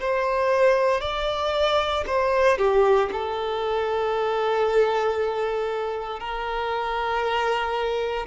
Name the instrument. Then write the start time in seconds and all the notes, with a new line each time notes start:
violin
0.00 C5
1.01 D5
2.07 C5
2.58 G4
3.12 A4
6.20 A#4